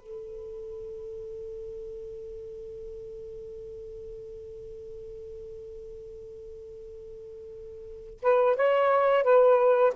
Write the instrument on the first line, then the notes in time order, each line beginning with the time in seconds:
saxophone
0.00 A4
8.22 B4
8.56 C#5
9.23 B4